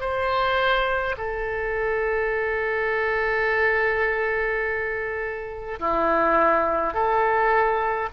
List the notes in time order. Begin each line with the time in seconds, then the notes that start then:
0.00 C5
1.17 A4
5.79 E4
6.93 A4